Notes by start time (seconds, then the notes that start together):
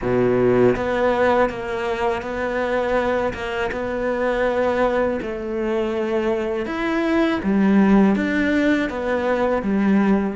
0.01 B2
0.76 B3
1.49 A#3
2.22 B3
3.33 A#3
3.71 B3
5.22 A3
6.66 E4
7.43 G3
8.15 D4
8.89 B3
9.62 G3